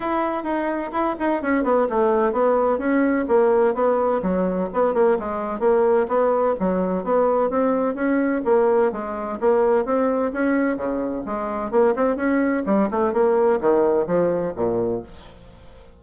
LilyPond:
\new Staff \with { instrumentName = "bassoon" } { \time 4/4 \tempo 4 = 128 e'4 dis'4 e'8 dis'8 cis'8 b8 | a4 b4 cis'4 ais4 | b4 fis4 b8 ais8 gis4 | ais4 b4 fis4 b4 |
c'4 cis'4 ais4 gis4 | ais4 c'4 cis'4 cis4 | gis4 ais8 c'8 cis'4 g8 a8 | ais4 dis4 f4 ais,4 | }